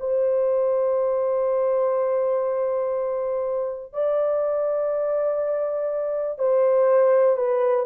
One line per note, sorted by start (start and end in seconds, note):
0.00 3.93 C5
3.93 6.39 D5
6.39 7.37 C5
7.37 7.86 B4